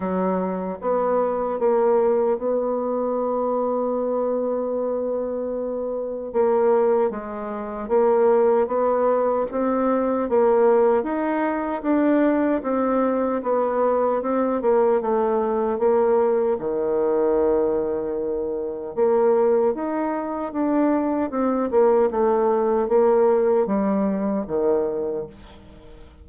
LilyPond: \new Staff \with { instrumentName = "bassoon" } { \time 4/4 \tempo 4 = 76 fis4 b4 ais4 b4~ | b1 | ais4 gis4 ais4 b4 | c'4 ais4 dis'4 d'4 |
c'4 b4 c'8 ais8 a4 | ais4 dis2. | ais4 dis'4 d'4 c'8 ais8 | a4 ais4 g4 dis4 | }